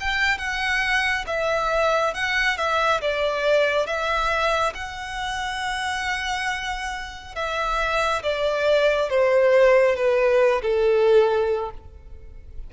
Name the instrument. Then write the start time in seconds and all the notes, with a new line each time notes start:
violin
0.00 G5
0.38 F#5
1.27 E5
2.14 F#5
2.57 E5
3.01 D5
3.87 E5
4.75 F#5
7.36 E5
8.23 D5
9.10 C5
9.96 B4
10.62 A4